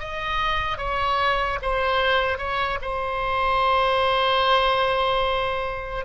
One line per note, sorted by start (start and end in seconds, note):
0.00 0.78 D#5
0.78 1.59 C#5
1.63 2.38 C5
2.38 2.79 C#5
2.82 6.06 C5